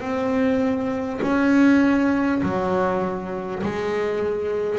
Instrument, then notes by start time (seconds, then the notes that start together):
double bass
0.00 C4
1.22 C#4
2.42 F#3
3.63 G#3